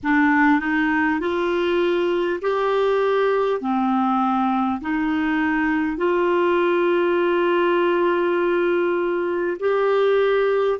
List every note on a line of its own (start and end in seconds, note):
0.03 0.59 D4
0.59 1.19 D#4
1.20 2.40 F4
2.41 3.60 G4
3.60 4.80 C4
4.81 5.97 D#4
5.97 9.57 F4
9.59 10.79 G4